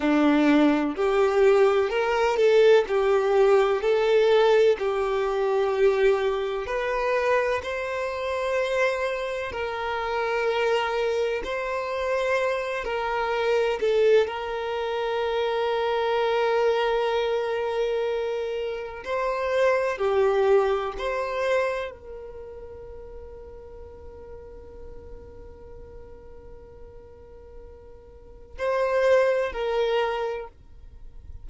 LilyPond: \new Staff \with { instrumentName = "violin" } { \time 4/4 \tempo 4 = 63 d'4 g'4 ais'8 a'8 g'4 | a'4 g'2 b'4 | c''2 ais'2 | c''4. ais'4 a'8 ais'4~ |
ais'1 | c''4 g'4 c''4 ais'4~ | ais'1~ | ais'2 c''4 ais'4 | }